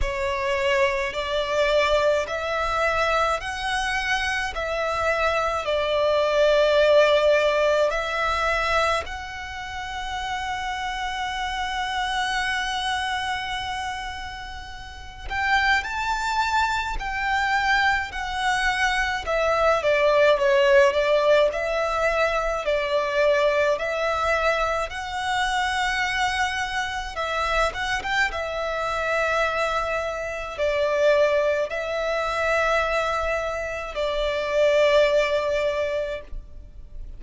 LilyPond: \new Staff \with { instrumentName = "violin" } { \time 4/4 \tempo 4 = 53 cis''4 d''4 e''4 fis''4 | e''4 d''2 e''4 | fis''1~ | fis''4. g''8 a''4 g''4 |
fis''4 e''8 d''8 cis''8 d''8 e''4 | d''4 e''4 fis''2 | e''8 fis''16 g''16 e''2 d''4 | e''2 d''2 | }